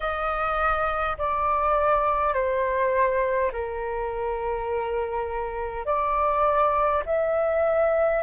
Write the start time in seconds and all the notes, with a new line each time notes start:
0.00 D#5
1.18 D5
2.33 C5
3.52 A#4
5.85 D5
7.05 E5